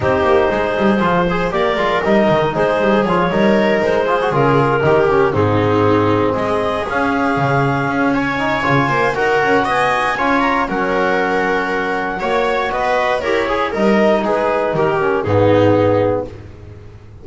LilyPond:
<<
  \new Staff \with { instrumentName = "clarinet" } { \time 4/4 \tempo 4 = 118 c''2. d''4 | dis''4 c''4 cis''4. c''8~ | c''8 ais'2 gis'4.~ | gis'8 dis''4 f''2~ f''8 |
gis''2 fis''4 gis''4~ | gis''8 ais''8 fis''2. | cis''4 dis''4 cis''4 dis''4 | b'4 ais'4 gis'2 | }
  \new Staff \with { instrumentName = "viola" } { \time 4/4 g'4 gis'4. c''8 ais'4~ | ais'4 gis'4. ais'4. | gis'4. g'4 dis'4.~ | dis'8 gis'2.~ gis'8 |
cis''4. c''8 ais'4 dis''4 | cis''4 ais'2. | cis''4 b'4 ais'8 gis'8 ais'4 | gis'4 g'4 dis'2 | }
  \new Staff \with { instrumentName = "trombone" } { \time 4/4 dis'2 f'8 gis'8 g'8 f'8 | dis'2 f'8 dis'4. | f'16 fis'16 f'4 dis'8 cis'8 c'4.~ | c'4. cis'2~ cis'8~ |
cis'8 dis'8 f'4 fis'2 | f'4 cis'2. | fis'2 g'8 gis'8 dis'4~ | dis'4. cis'8 b2 | }
  \new Staff \with { instrumentName = "double bass" } { \time 4/4 c'8 ais8 gis8 g8 f4 ais8 gis8 | g8 dis8 gis8 g8 f8 g4 gis8~ | gis8 cis4 dis4 gis,4.~ | gis,8 gis4 cis'4 cis4 cis'8~ |
cis'4 cis8 ais8 dis'8 cis'8 b4 | cis'4 fis2. | ais4 b4 e'4 g4 | gis4 dis4 gis,2 | }
>>